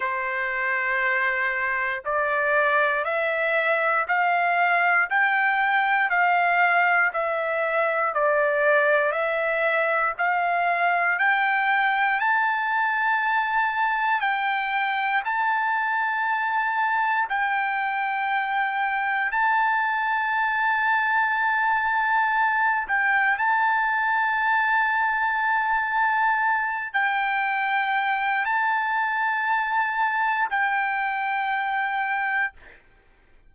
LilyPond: \new Staff \with { instrumentName = "trumpet" } { \time 4/4 \tempo 4 = 59 c''2 d''4 e''4 | f''4 g''4 f''4 e''4 | d''4 e''4 f''4 g''4 | a''2 g''4 a''4~ |
a''4 g''2 a''4~ | a''2~ a''8 g''8 a''4~ | a''2~ a''8 g''4. | a''2 g''2 | }